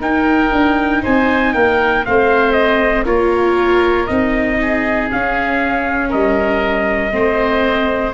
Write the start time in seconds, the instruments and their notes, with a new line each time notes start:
0.00 viola D#4, tuba D#4, oboe A#4, trumpet G5
0.52 tuba D4
1.02 tuba C4, oboe C5, trumpet G#5
1.53 tuba A#3, oboe A#4, trumpet G5
2.04 tuba A3, viola C4, oboe C5, trumpet F5
2.52 trumpet D#5
3.05 tuba A#3, viola F4, oboe A#4, trumpet C#5
4.06 tuba C4, viola D#4, trumpet D#5
4.61 oboe G#4
5.11 viola C#4, tuba C#4, trumpet F5
6.09 tuba G3, oboe A#4, trumpet D#5
7.11 tuba A3, viola C4, oboe C5